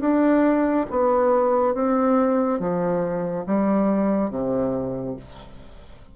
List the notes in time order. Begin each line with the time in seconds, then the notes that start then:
0.00 D4
0.90 B3
1.74 C4
2.59 F3
3.46 G3
4.30 C3